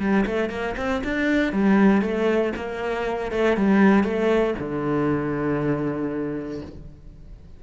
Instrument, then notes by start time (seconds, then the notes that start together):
cello
0.00 G3
0.26 A3
0.50 A#3
0.77 C4
1.04 D4
1.53 G3
2.02 A3
2.56 A#3
3.32 A3
3.57 G3
4.04 A3
4.59 D3